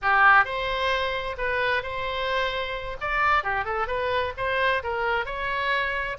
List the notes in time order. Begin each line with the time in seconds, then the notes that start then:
0.02 G4
0.44 C5
1.37 B4
1.82 C5
3.00 D5
3.43 G4
3.65 A4
3.87 B4
4.37 C5
4.83 A#4
5.25 C#5